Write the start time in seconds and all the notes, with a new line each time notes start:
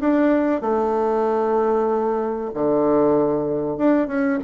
0.00 D4
0.61 A3
2.54 D3
3.78 D4
4.07 C#4